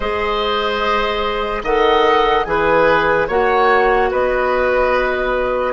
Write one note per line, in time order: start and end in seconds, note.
0.00 1.62 G#3
0.00 1.65 G#4
0.00 1.62 C5
0.00 1.63 D#5
1.62 2.45 D#3
1.62 2.46 A4
1.62 2.46 D#5
1.62 2.44 F#5
2.44 3.28 E3
2.44 3.28 G#4
2.44 3.27 B4
2.44 3.26 G#5
3.27 4.11 A#3
3.27 5.73 F#4
3.27 4.09 C#5
3.27 4.11 F#5
4.10 5.73 B3
4.10 5.73 B4
4.10 5.73 D#5